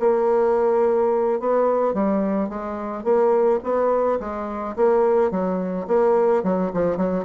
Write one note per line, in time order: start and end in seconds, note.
0.00 1.40 A#3
1.40 1.94 B3
1.94 2.49 G3
2.49 3.04 G#3
3.04 3.60 A#3
3.63 4.20 B3
4.20 4.76 G#3
4.76 5.31 A#3
5.31 5.87 F#3
5.88 6.43 A#3
6.43 6.71 F#3
6.74 6.97 F3
6.97 7.25 F#3